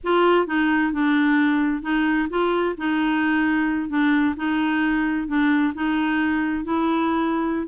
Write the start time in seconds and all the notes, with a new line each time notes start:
0.03 F4
0.46 D#4
0.92 D4
1.82 D#4
2.29 F4
2.77 D#4
3.89 D4
4.36 D#4
5.27 D4
5.74 D#4
6.64 E4